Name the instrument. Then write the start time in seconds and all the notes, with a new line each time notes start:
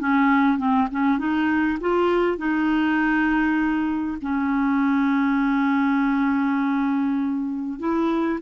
clarinet
0.00 C#4
0.58 C4
0.91 C#4
1.19 D#4
1.81 F4
2.38 D#4
4.22 C#4
7.79 E4